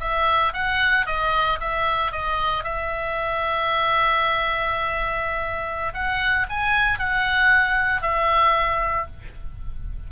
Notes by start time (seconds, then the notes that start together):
0.00 E5
0.53 F#5
1.06 D#5
1.60 E5
2.11 D#5
2.64 E5
5.94 F#5
6.49 G#5
6.99 F#5
8.01 E5